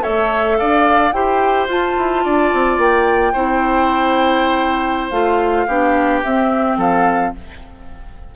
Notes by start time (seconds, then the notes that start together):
0.00 A3 A4 C#5 E5
0.57 D4 D5 F5
1.12 E4 G4 C5 G5
1.67 F4 A5
1.97 E4
2.23 D4 D5
2.53 C4
2.78 A#3 G5
3.32 C4 E4 C5
5.09 A3 F4 F5
5.67 B3 D4 G4
6.22 C4 E5
6.76 F3 A4 F5